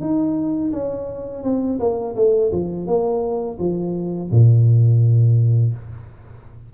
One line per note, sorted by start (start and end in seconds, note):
0.00 0.71 D#4
0.72 1.43 C#4
1.43 1.79 C4
1.79 2.15 A#3
2.15 2.51 A3
2.52 2.86 F3
2.86 3.58 A#3
3.58 4.30 F3
4.31 5.73 A#2